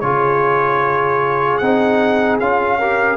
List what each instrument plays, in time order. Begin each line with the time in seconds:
0.00 tuba C#3, trombone F4, horn G#4, trumpet C#5
1.58 tuba C4, trombone D#4, trumpet F#5
2.39 tuba C#4, trombone F4, trumpet F5
2.79 trombone G4, horn A#4